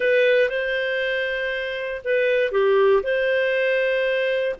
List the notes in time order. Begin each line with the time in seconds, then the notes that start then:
0.00 B4
0.49 C5
2.04 B4
2.51 G4
3.03 C5